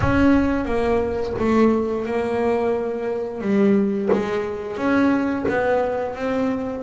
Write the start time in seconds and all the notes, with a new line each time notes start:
0.00 C#4
0.65 A#3
1.39 A3
2.05 A#3
3.41 G3
4.12 G#3
4.77 C#4
5.48 B3
6.15 C4